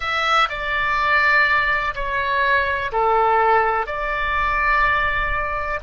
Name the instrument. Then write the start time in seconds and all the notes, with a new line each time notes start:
oboe
0.00 E5
0.49 D5
1.94 C#5
2.92 A4
3.86 D5